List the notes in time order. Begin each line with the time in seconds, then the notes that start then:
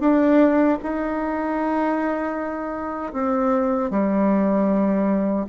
0.00 D4
0.83 D#4
3.13 C4
3.90 G3